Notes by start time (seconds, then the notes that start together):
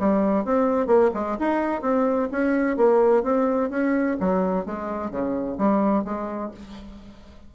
0.00 G3
0.45 C4
0.87 A#3
1.14 G#3
1.39 D#4
1.82 C4
2.32 C#4
2.77 A#3
3.24 C4
3.70 C#4
4.20 F#3
4.66 G#3
5.11 C#3
5.58 G3
6.05 G#3